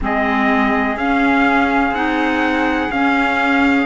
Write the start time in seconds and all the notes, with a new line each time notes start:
0.00 G#3 C4 G#4 D#5
0.96 C#4 F5
1.90 C4 D#4 F#5
2.91 C#4 F5